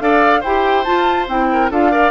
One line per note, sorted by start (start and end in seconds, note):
0.00 0.43 D4
0.00 0.42 A4
0.00 0.41 D5
0.00 0.43 F5
0.41 0.86 E4
0.41 0.85 G4
0.41 1.46 C5
0.41 0.84 G5
0.84 1.27 F4
0.84 1.28 F4
0.84 1.26 A5
1.28 1.71 C4
1.28 1.71 E4
1.28 1.72 G5
1.53 1.71 A#4
1.71 2.12 D4
1.71 1.92 F4
1.71 1.92 A4
1.71 2.12 F5
1.92 2.12 A#4
1.92 2.12 D5